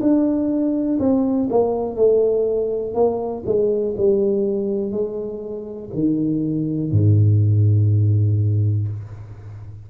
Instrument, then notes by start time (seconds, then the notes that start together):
tuba
0.00 D4
0.99 C4
1.49 A#3
1.95 A3
2.94 A#3
3.46 G#3
3.97 G3
4.91 G#3
5.93 D#3
6.91 G#2